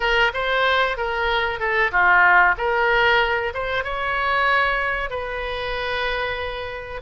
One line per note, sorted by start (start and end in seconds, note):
0.00 0.32 A#4
0.33 0.97 C5
0.97 1.59 A#4
1.59 1.91 A4
1.91 2.55 F4
2.57 3.53 A#4
3.53 3.84 C5
3.84 5.09 C#5
5.09 7.01 B4